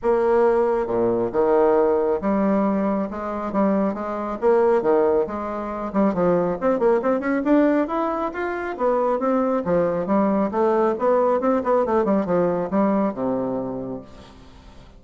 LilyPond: \new Staff \with { instrumentName = "bassoon" } { \time 4/4 \tempo 4 = 137 ais2 ais,4 dis4~ | dis4 g2 gis4 | g4 gis4 ais4 dis4 | gis4. g8 f4 c'8 ais8 |
c'8 cis'8 d'4 e'4 f'4 | b4 c'4 f4 g4 | a4 b4 c'8 b8 a8 g8 | f4 g4 c2 | }